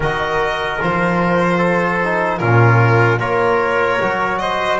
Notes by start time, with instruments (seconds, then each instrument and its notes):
0.00 double bass D#3, trombone F#4, trumpet A#4, violin D#5
0.80 double bass F3, trombone F4, violin C5
1.58 trumpet A4
2.03 trombone D#4
2.38 double bass A#2, trombone C#4, trumpet F4, violin A#4
3.19 double bass A#3, trombone F4, trumpet A#4, violin C#5
4.01 double bass F#3, trombone F#4
4.38 trumpet C5, violin D#5